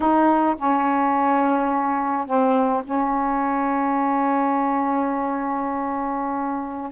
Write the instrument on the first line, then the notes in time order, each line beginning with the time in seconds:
saxophone
0.00 D#4
0.57 C#4
2.26 C4
2.84 C#4